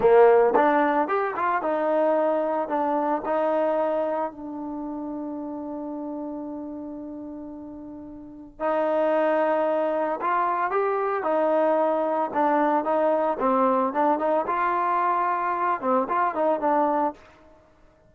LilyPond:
\new Staff \with { instrumentName = "trombone" } { \time 4/4 \tempo 4 = 112 ais4 d'4 g'8 f'8 dis'4~ | dis'4 d'4 dis'2 | d'1~ | d'1 |
dis'2. f'4 | g'4 dis'2 d'4 | dis'4 c'4 d'8 dis'8 f'4~ | f'4. c'8 f'8 dis'8 d'4 | }